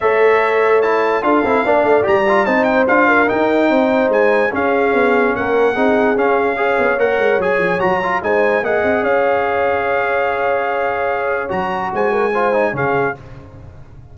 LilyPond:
<<
  \new Staff \with { instrumentName = "trumpet" } { \time 4/4 \tempo 4 = 146 e''2 a''4 f''4~ | f''4 ais''4 a''8 g''8 f''4 | g''2 gis''4 f''4~ | f''4 fis''2 f''4~ |
f''4 fis''4 gis''4 ais''4 | gis''4 fis''4 f''2~ | f''1 | ais''4 gis''2 f''4 | }
  \new Staff \with { instrumentName = "horn" } { \time 4/4 cis''2. a'4 | d''2 c''4. ais'8~ | ais'4 c''2 gis'4~ | gis'4 ais'4 gis'2 |
cis''1 | c''4 dis''4 cis''2~ | cis''1~ | cis''4 c''8 ais'8 c''4 gis'4 | }
  \new Staff \with { instrumentName = "trombone" } { \time 4/4 a'2 e'4 f'8 e'8 | d'4 g'8 f'8 dis'4 f'4 | dis'2. cis'4~ | cis'2 dis'4 cis'4 |
gis'4 ais'4 gis'4 fis'8 f'8 | dis'4 gis'2.~ | gis'1 | fis'2 f'8 dis'8 cis'4 | }
  \new Staff \with { instrumentName = "tuba" } { \time 4/4 a2. d'8 c'8 | ais8 a8 g4 c'4 d'4 | dis'4 c'4 gis4 cis'4 | b4 ais4 c'4 cis'4~ |
cis'8 b8 ais8 gis8 fis8 f8 fis4 | gis4 ais8 c'8 cis'2~ | cis'1 | fis4 gis2 cis4 | }
>>